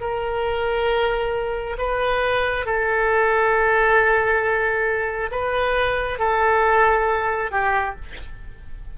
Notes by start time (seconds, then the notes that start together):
0.00 A#4
1.78 B4
2.66 A4
5.31 B4
6.19 A4
7.51 G4